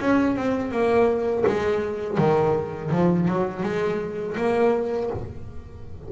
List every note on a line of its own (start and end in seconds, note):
0.00 0.36 C#4
0.36 0.71 C4
0.71 1.44 A#3
1.46 2.18 G#3
2.18 2.91 D#3
2.91 3.28 F3
3.28 3.63 F#3
3.63 4.36 G#3
4.37 5.10 A#3